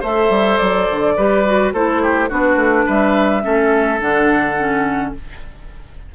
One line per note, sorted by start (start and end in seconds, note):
0.00 0.29 A3
0.00 1.15 A4
0.00 1.13 C5
0.00 0.57 E5
0.29 0.58 G3
0.57 0.89 F#3
0.57 1.70 D5
0.90 1.17 D3
1.16 1.73 G3
1.16 1.46 G4
1.16 1.73 B4
1.46 1.74 F#4
1.73 2.30 A3
1.73 2.29 E4
1.73 2.01 A4
1.73 2.30 C5
2.02 2.29 G4
2.29 2.56 B3
2.29 3.41 D4
2.29 2.85 F#4
2.29 2.87 B4
2.56 2.84 A3
2.85 3.45 G3
2.85 3.42 B4
2.85 4.00 E5
3.41 4.00 A3
3.41 3.98 C#4
3.41 5.14 A4
3.99 5.14 D3
3.99 4.56 D4
3.99 5.13 F#5
4.58 5.14 C#4